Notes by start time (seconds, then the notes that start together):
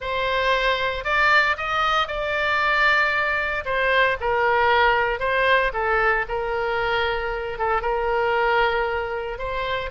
0.00 C5
1.04 D5
1.57 D#5
2.07 D5
3.65 C5
4.20 A#4
5.19 C5
5.73 A4
6.28 A#4
7.58 A4
7.81 A#4
9.38 C5